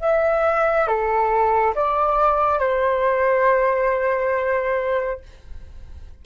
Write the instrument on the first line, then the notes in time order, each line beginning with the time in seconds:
flute
0.00 E5
0.87 A4
1.75 D5
2.59 C5